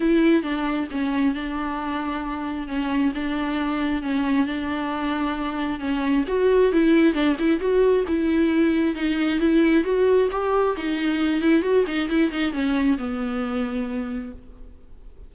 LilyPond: \new Staff \with { instrumentName = "viola" } { \time 4/4 \tempo 4 = 134 e'4 d'4 cis'4 d'4~ | d'2 cis'4 d'4~ | d'4 cis'4 d'2~ | d'4 cis'4 fis'4 e'4 |
d'8 e'8 fis'4 e'2 | dis'4 e'4 fis'4 g'4 | dis'4. e'8 fis'8 dis'8 e'8 dis'8 | cis'4 b2. | }